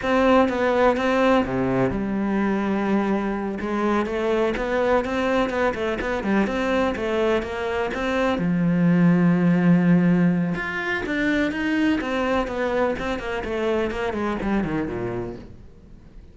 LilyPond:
\new Staff \with { instrumentName = "cello" } { \time 4/4 \tempo 4 = 125 c'4 b4 c'4 c4 | g2.~ g8 gis8~ | gis8 a4 b4 c'4 b8 | a8 b8 g8 c'4 a4 ais8~ |
ais8 c'4 f2~ f8~ | f2 f'4 d'4 | dis'4 c'4 b4 c'8 ais8 | a4 ais8 gis8 g8 dis8 ais,4 | }